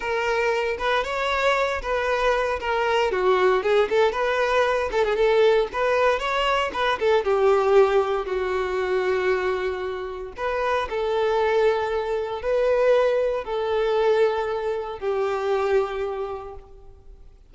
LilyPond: \new Staff \with { instrumentName = "violin" } { \time 4/4 \tempo 4 = 116 ais'4. b'8 cis''4. b'8~ | b'4 ais'4 fis'4 gis'8 a'8 | b'4. a'16 gis'16 a'4 b'4 | cis''4 b'8 a'8 g'2 |
fis'1 | b'4 a'2. | b'2 a'2~ | a'4 g'2. | }